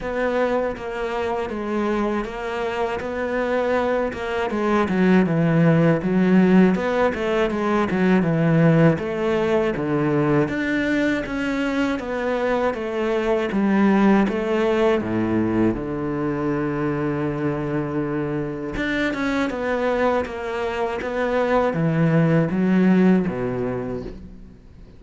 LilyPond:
\new Staff \with { instrumentName = "cello" } { \time 4/4 \tempo 4 = 80 b4 ais4 gis4 ais4 | b4. ais8 gis8 fis8 e4 | fis4 b8 a8 gis8 fis8 e4 | a4 d4 d'4 cis'4 |
b4 a4 g4 a4 | a,4 d2.~ | d4 d'8 cis'8 b4 ais4 | b4 e4 fis4 b,4 | }